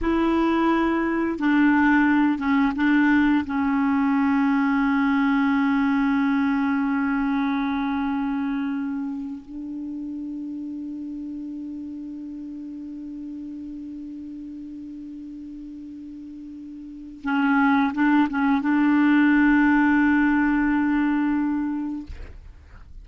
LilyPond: \new Staff \with { instrumentName = "clarinet" } { \time 4/4 \tempo 4 = 87 e'2 d'4. cis'8 | d'4 cis'2.~ | cis'1~ | cis'4.~ cis'16 d'2~ d'16~ |
d'1~ | d'1~ | d'4 cis'4 d'8 cis'8 d'4~ | d'1 | }